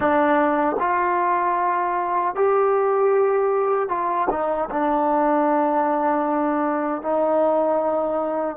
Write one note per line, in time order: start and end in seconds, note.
0.00 0.76 D4
0.79 2.35 F4
2.35 3.89 G4
3.89 4.28 F4
4.30 4.69 D#4
4.70 7.01 D4
7.01 8.56 D#4